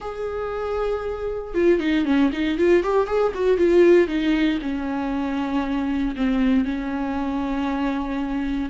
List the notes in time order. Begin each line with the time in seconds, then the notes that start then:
0.00 G#4
1.54 F4
1.79 D#4
2.05 C#4
2.32 D#4
2.58 F4
2.83 G4
3.07 G#4
3.34 F#4
3.57 F4
4.07 D#4
4.61 C#4
6.16 C4
6.65 C#4